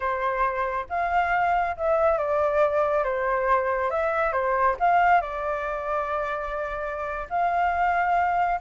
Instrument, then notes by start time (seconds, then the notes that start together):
flute
0.00 C5
0.89 F5
1.76 E5
2.17 D5
3.03 C5
3.90 E5
4.32 C5
4.79 F5
5.21 D5
7.29 F5